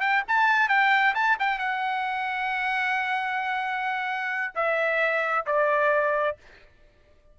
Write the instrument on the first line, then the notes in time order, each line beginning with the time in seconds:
trumpet
0.00 G5
0.27 A5
0.68 G5
1.14 A5
1.39 G5
1.58 F#5
4.55 E5
5.46 D5